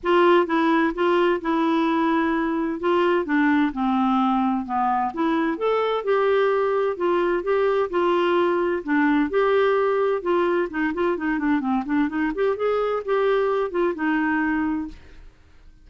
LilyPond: \new Staff \with { instrumentName = "clarinet" } { \time 4/4 \tempo 4 = 129 f'4 e'4 f'4 e'4~ | e'2 f'4 d'4 | c'2 b4 e'4 | a'4 g'2 f'4 |
g'4 f'2 d'4 | g'2 f'4 dis'8 f'8 | dis'8 d'8 c'8 d'8 dis'8 g'8 gis'4 | g'4. f'8 dis'2 | }